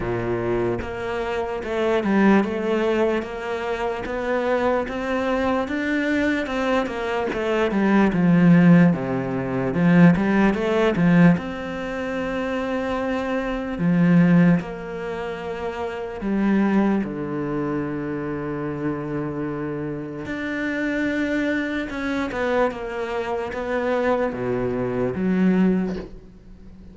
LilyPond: \new Staff \with { instrumentName = "cello" } { \time 4/4 \tempo 4 = 74 ais,4 ais4 a8 g8 a4 | ais4 b4 c'4 d'4 | c'8 ais8 a8 g8 f4 c4 | f8 g8 a8 f8 c'2~ |
c'4 f4 ais2 | g4 d2.~ | d4 d'2 cis'8 b8 | ais4 b4 b,4 fis4 | }